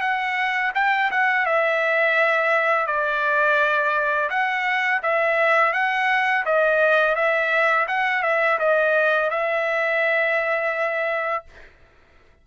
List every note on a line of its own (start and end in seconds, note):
0.00 0.71 F#5
0.74 1.10 G5
1.11 1.45 F#5
1.45 2.86 E5
2.86 4.29 D5
4.30 5.01 F#5
5.02 5.73 E5
5.73 6.44 F#5
6.45 7.15 D#5
7.15 7.86 E5
7.87 8.22 F#5
8.22 8.58 E5
8.59 9.30 D#5
9.30 11.44 E5